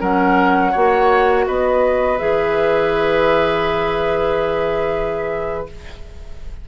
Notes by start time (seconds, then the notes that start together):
0.00 F#3 C#4 A#4 F#5
0.72 A#3 F#4 C#5
1.47 B3 B4 D#5
2.18 E3 G#4 E5